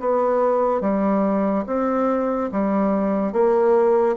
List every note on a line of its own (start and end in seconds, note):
0.00 0.81 B3
0.81 1.64 G3
1.67 2.50 C4
2.52 3.33 G3
3.33 4.16 A#3